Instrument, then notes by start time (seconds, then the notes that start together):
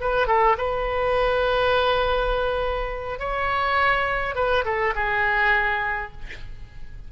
oboe
0.00 B4
0.27 A4
0.57 B4
3.19 C#5
4.35 B4
4.64 A4
4.95 G#4